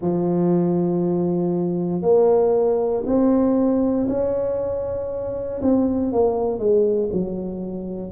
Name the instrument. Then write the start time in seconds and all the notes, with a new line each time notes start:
tuba
0.01 F3
2.02 A#3
3.05 C4
4.08 C#4
5.61 C4
6.12 A#3
6.58 G#3
7.12 F#3